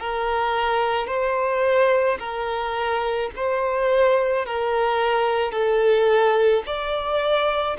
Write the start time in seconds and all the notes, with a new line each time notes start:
0.00 A#4
1.08 C5
2.19 A#4
3.36 C5
4.46 A#4
5.52 A4
6.66 D5